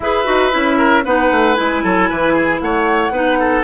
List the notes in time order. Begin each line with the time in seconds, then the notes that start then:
0.00 E4 G#4 B4 E5
0.24 D#4 F#4
0.51 C#4 E4
0.77 A#4
1.04 B3 D#4 B4 F#5
1.31 A3
1.54 G#3 E4 G#5
1.83 F#3 A4
2.09 E3 B4
2.33 G#4
2.61 A3 C#5 F#5
3.10 B3 D#4 B4
3.39 A4